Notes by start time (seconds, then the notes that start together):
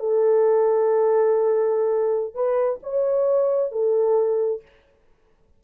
0.00 A4
2.35 B4
2.83 C#5
3.72 A4